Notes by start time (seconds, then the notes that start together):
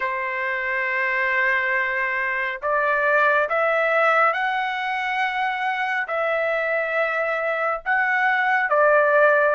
0.00 C5
2.62 D5
3.49 E5
4.33 F#5
6.07 E5
7.85 F#5
8.70 D5